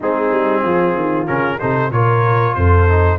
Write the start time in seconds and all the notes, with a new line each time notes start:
0.00 G#3 C4 D#4 G#4
0.31 G3
0.61 F3 F4
0.95 D#3
1.26 C#3 C#4 A#4
1.59 C3 D#4 A4 C5
1.90 A#2 F4 A#4 C#5
2.54 F2 A4 C5
2.88 D#4